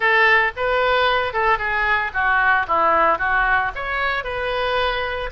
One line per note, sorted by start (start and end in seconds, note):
0.00 0.52 A4
0.56 1.33 B4
1.33 1.58 A4
1.58 2.11 G#4
2.13 2.66 F#4
2.67 3.18 E4
3.18 3.71 F#4
3.75 4.24 C#5
4.24 5.30 B4